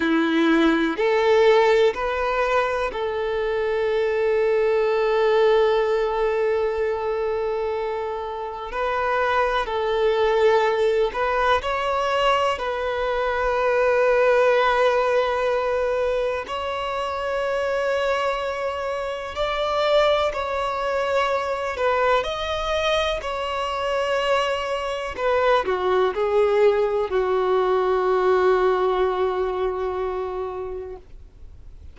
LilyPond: \new Staff \with { instrumentName = "violin" } { \time 4/4 \tempo 4 = 62 e'4 a'4 b'4 a'4~ | a'1~ | a'4 b'4 a'4. b'8 | cis''4 b'2.~ |
b'4 cis''2. | d''4 cis''4. b'8 dis''4 | cis''2 b'8 fis'8 gis'4 | fis'1 | }